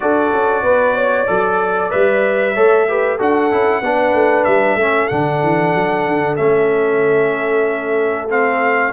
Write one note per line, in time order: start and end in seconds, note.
0.00 0.32 D4
0.00 1.27 F#4
0.00 0.63 A4
0.00 1.90 D5
0.32 0.62 C#4
0.62 1.26 B3
0.62 0.94 B4
0.94 1.26 C#5
1.26 1.93 F#3
1.26 1.90 A4
1.26 2.53 D5
1.90 2.56 G3
1.90 2.54 B4
1.90 3.18 E5
2.54 3.20 A3
2.54 2.87 A4
2.54 2.86 C#5
2.88 3.18 G4
2.88 3.17 B4
3.17 3.52 D4
3.17 3.50 F#4
3.17 3.81 A4
3.17 4.44 F#5
3.51 3.81 C#4
3.51 3.83 E4
3.81 4.13 B3
3.81 4.80 D4
3.81 4.79 B4
4.13 4.45 A3
4.44 4.75 G3
4.44 5.07 E5
4.75 5.07 A3
4.75 5.10 C#4
4.75 8.92 A4
5.07 5.42 D3
5.07 6.37 D4
5.07 6.35 F#5
5.42 5.74 E3
5.74 6.06 F#3
6.06 6.38 D3
6.36 8.92 A3
6.36 8.28 C#4
6.36 8.28 E5
8.29 8.92 C4
8.29 8.92 F5